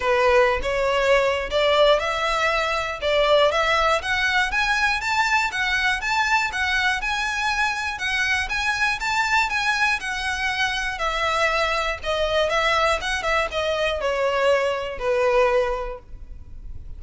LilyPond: \new Staff \with { instrumentName = "violin" } { \time 4/4 \tempo 4 = 120 b'4~ b'16 cis''4.~ cis''16 d''4 | e''2 d''4 e''4 | fis''4 gis''4 a''4 fis''4 | a''4 fis''4 gis''2 |
fis''4 gis''4 a''4 gis''4 | fis''2 e''2 | dis''4 e''4 fis''8 e''8 dis''4 | cis''2 b'2 | }